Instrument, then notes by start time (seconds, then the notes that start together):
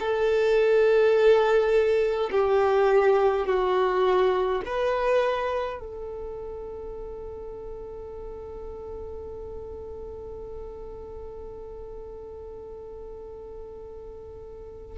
violin
0.00 A4
2.32 G4
3.47 F#4
4.66 B4
5.80 A4